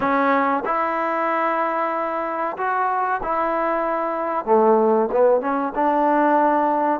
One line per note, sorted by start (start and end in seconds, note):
0.00 0.63 C#4
0.65 2.56 E4
2.57 3.21 F#4
3.22 4.45 E4
4.45 5.09 A3
5.11 5.40 B3
5.40 5.72 C#4
5.75 7.00 D4